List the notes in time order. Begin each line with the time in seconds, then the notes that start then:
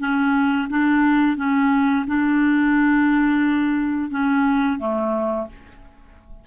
0.00 C#4
0.70 D4
1.38 C#4
2.07 D4
4.11 C#4
4.79 A3